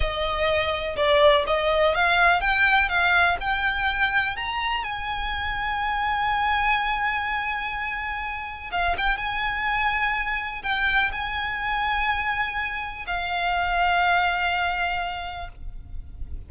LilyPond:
\new Staff \with { instrumentName = "violin" } { \time 4/4 \tempo 4 = 124 dis''2 d''4 dis''4 | f''4 g''4 f''4 g''4~ | g''4 ais''4 gis''2~ | gis''1~ |
gis''2 f''8 g''8 gis''4~ | gis''2 g''4 gis''4~ | gis''2. f''4~ | f''1 | }